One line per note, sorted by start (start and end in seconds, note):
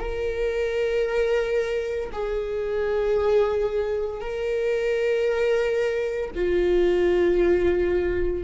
0.00 2.11 A#4
2.12 4.21 G#4
4.21 6.32 A#4
6.35 8.44 F4